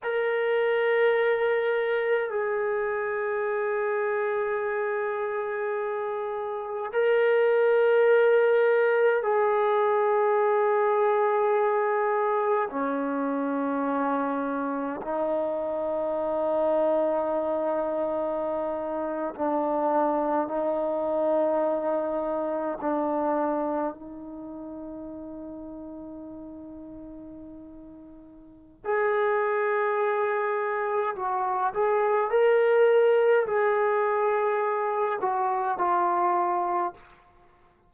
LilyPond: \new Staff \with { instrumentName = "trombone" } { \time 4/4 \tempo 4 = 52 ais'2 gis'2~ | gis'2 ais'2 | gis'2. cis'4~ | cis'4 dis'2.~ |
dis'8. d'4 dis'2 d'16~ | d'8. dis'2.~ dis'16~ | dis'4 gis'2 fis'8 gis'8 | ais'4 gis'4. fis'8 f'4 | }